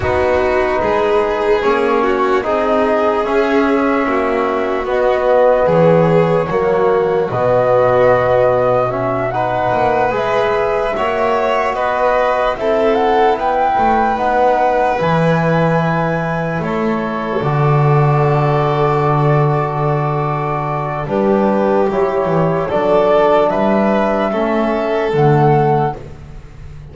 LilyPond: <<
  \new Staff \with { instrumentName = "flute" } { \time 4/4 \tempo 4 = 74 b'2 cis''4 dis''4 | e''2 dis''4 cis''4~ | cis''4 dis''2 e''8 fis''8~ | fis''8 e''2 dis''4 e''8 |
fis''8 g''4 fis''4 gis''4.~ | gis''8 cis''4 d''2~ d''8~ | d''2 b'4 cis''4 | d''4 e''2 fis''4 | }
  \new Staff \with { instrumentName = "violin" } { \time 4/4 fis'4 gis'4. fis'8 gis'4~ | gis'4 fis'2 gis'4 | fis'2.~ fis'8 b'8~ | b'4. cis''4 b'4 a'8~ |
a'8 b'2.~ b'8~ | b'8 a'2.~ a'8~ | a'2 g'2 | a'4 b'4 a'2 | }
  \new Staff \with { instrumentName = "trombone" } { \time 4/4 dis'2 cis'4 dis'4 | cis'2 b2 | ais4 b2 cis'8 dis'8~ | dis'8 gis'4 fis'2 e'8~ |
e'4. dis'4 e'4.~ | e'4. fis'2~ fis'8~ | fis'2 d'4 e'4 | d'2 cis'4 a4 | }
  \new Staff \with { instrumentName = "double bass" } { \time 4/4 b4 gis4 ais4 c'4 | cis'4 ais4 b4 e4 | fis4 b,2. | ais8 gis4 ais4 b4 c'8~ |
c'8 b8 a8 b4 e4.~ | e8 a4 d2~ d8~ | d2 g4 fis8 e8 | fis4 g4 a4 d4 | }
>>